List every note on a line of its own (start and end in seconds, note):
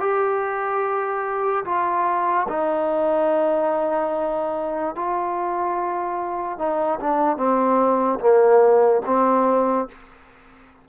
0.00 1.64 G4
1.64 2.47 F4
2.48 4.95 D#4
4.95 6.58 F4
6.58 6.99 D#4
7.00 7.37 D4
7.37 8.19 C4
8.20 9.02 A#3
9.06 9.88 C4